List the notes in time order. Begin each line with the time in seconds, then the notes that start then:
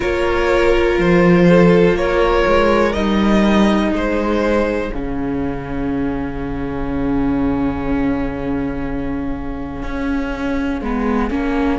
0.00 A#3 F4 A#4 C#5
0.98 F3 C5
1.48 A4
1.93 A#3 A#4 C#5
2.47 G#3
2.92 G3 D#4 D#5
3.92 G#3 G#4 C5
4.92 C#3 C#4 F5
9.83 C#4
10.81 G#3 B3
11.30 A#3 C#4